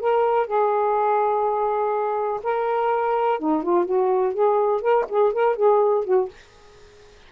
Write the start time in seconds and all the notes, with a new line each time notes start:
0.00 A#4
0.47 G#4
2.43 A#4
3.39 D#4
3.63 F4
3.86 F#4
4.34 G#4
4.81 A#4
5.10 G#4
5.33 A#4
5.56 G#4
6.05 F#4